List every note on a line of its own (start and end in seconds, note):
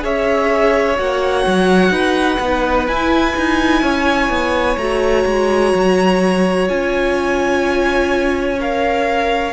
0.00 0.99 C#4
0.00 0.95 G#4
0.00 1.93 C#5
0.00 0.99 E5
0.97 1.46 A#3
0.97 2.40 F#4
0.97 2.87 F#5
1.47 1.90 F#3
1.90 2.38 D#4
1.90 3.83 B4
2.40 2.87 B3
2.40 2.89 D#4
2.87 3.35 E4
2.87 4.79 E4
2.87 4.78 G#5
3.37 3.82 D#4
3.82 4.29 C#4
3.82 9.53 C#5
4.29 4.77 B3
4.77 5.25 A3
4.77 6.68 F#4
4.77 6.68 A#5
5.26 5.73 G#3
5.74 6.69 F#3
6.68 9.53 C#4
6.68 8.59 F4
6.68 8.59 G#5
8.60 9.53 A#4
8.60 9.53 F5